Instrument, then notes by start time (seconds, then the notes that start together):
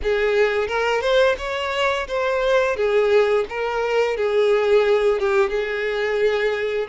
violin
0.03 G#4
0.67 A#4
1.01 C5
1.38 C#5
2.07 C5
2.76 G#4
3.49 A#4
4.16 G#4
5.19 G4
5.49 G#4